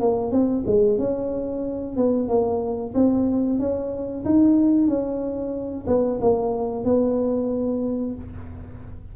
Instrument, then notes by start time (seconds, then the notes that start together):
tuba
0.00 A#3
0.31 C4
0.66 G#3
0.98 C#4
1.96 B3
2.28 A#3
2.94 C4
3.59 C#4
4.25 D#4
4.87 C#4
5.87 B3
6.21 A#3
6.84 B3